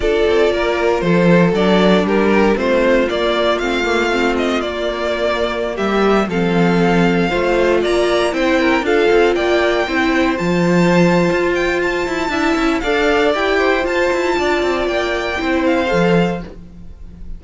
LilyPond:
<<
  \new Staff \with { instrumentName = "violin" } { \time 4/4 \tempo 4 = 117 d''2 c''4 d''4 | ais'4 c''4 d''4 f''4~ | f''8 dis''8 d''2~ d''16 e''8.~ | e''16 f''2. ais''8.~ |
ais''16 g''4 f''4 g''4.~ g''16~ | g''16 a''2~ a''16 g''8 a''4~ | a''4 f''4 g''4 a''4~ | a''4 g''4. f''4. | }
  \new Staff \with { instrumentName = "violin" } { \time 4/4 a'4 ais'4 a'2 | g'4 f'2.~ | f'2.~ f'16 g'8.~ | g'16 a'2 c''4 d''8.~ |
d''16 c''8 ais'8 a'4 d''4 c''8.~ | c''1 | e''4 d''4. c''4. | d''2 c''2 | }
  \new Staff \with { instrumentName = "viola" } { \time 4/4 f'2. d'4~ | d'4 c'4 ais4 c'8 ais8 | c'4 ais2.~ | ais16 c'2 f'4.~ f'16~ |
f'16 e'4 f'2 e'8.~ | e'16 f'2.~ f'8. | e'4 a'4 g'4 f'4~ | f'2 e'4 a'4 | }
  \new Staff \with { instrumentName = "cello" } { \time 4/4 d'8 c'8 ais4 f4 fis4 | g4 a4 ais4 a4~ | a4 ais2~ ais16 g8.~ | g16 f2 a4 ais8.~ |
ais16 c'4 d'8 c'8 ais4 c'8.~ | c'16 f4.~ f16 f'4. e'8 | d'8 cis'8 d'4 e'4 f'8 e'8 | d'8 c'8 ais4 c'4 f4 | }
>>